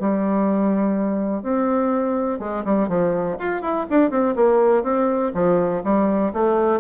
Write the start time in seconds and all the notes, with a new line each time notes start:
0.00 G3
1.43 C4
2.39 G#3
2.65 G3
2.88 F3
3.39 F4
3.61 E4
3.90 D4
4.10 C4
4.35 A#3
4.83 C4
5.34 F3
5.84 G3
6.33 A3